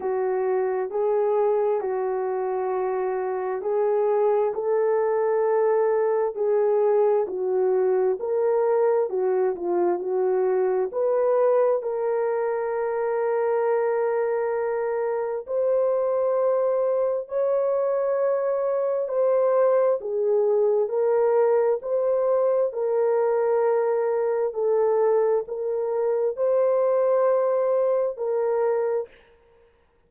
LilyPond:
\new Staff \with { instrumentName = "horn" } { \time 4/4 \tempo 4 = 66 fis'4 gis'4 fis'2 | gis'4 a'2 gis'4 | fis'4 ais'4 fis'8 f'8 fis'4 | b'4 ais'2.~ |
ais'4 c''2 cis''4~ | cis''4 c''4 gis'4 ais'4 | c''4 ais'2 a'4 | ais'4 c''2 ais'4 | }